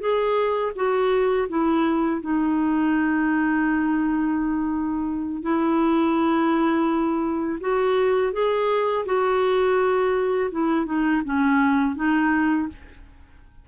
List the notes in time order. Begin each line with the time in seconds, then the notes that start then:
0.00 G#4
0.76 F#4
1.49 E4
2.21 D#4
5.42 E4
7.60 F#4
8.33 G#4
9.06 F#4
10.51 E4
10.86 D#4
11.25 C#4
11.96 D#4